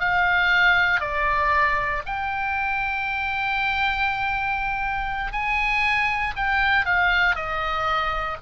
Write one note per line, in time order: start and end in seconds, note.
0.00 1.00 F5
1.00 2.02 D5
2.06 5.32 G5
5.32 6.34 G#5
6.36 6.86 G5
6.86 7.35 F5
7.35 8.37 D#5